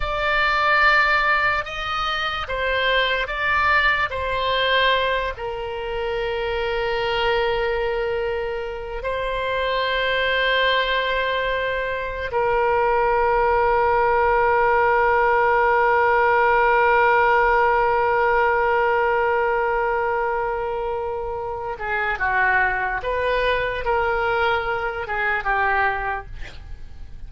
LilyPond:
\new Staff \with { instrumentName = "oboe" } { \time 4/4 \tempo 4 = 73 d''2 dis''4 c''4 | d''4 c''4. ais'4.~ | ais'2. c''4~ | c''2. ais'4~ |
ais'1~ | ais'1~ | ais'2~ ais'8 gis'8 fis'4 | b'4 ais'4. gis'8 g'4 | }